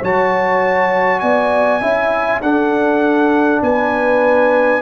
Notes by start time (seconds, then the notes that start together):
0.00 F#3 F#4 C#5 A5
1.21 B3 D5 G#5
1.81 C#4 E4 E5
2.42 D4 A4 F#5
3.62 B3 B4 G#5